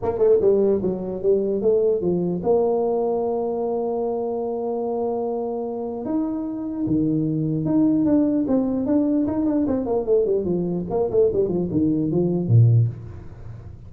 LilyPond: \new Staff \with { instrumentName = "tuba" } { \time 4/4 \tempo 4 = 149 ais8 a8 g4 fis4 g4 | a4 f4 ais2~ | ais1~ | ais2. dis'4~ |
dis'4 dis2 dis'4 | d'4 c'4 d'4 dis'8 d'8 | c'8 ais8 a8 g8 f4 ais8 a8 | g8 f8 dis4 f4 ais,4 | }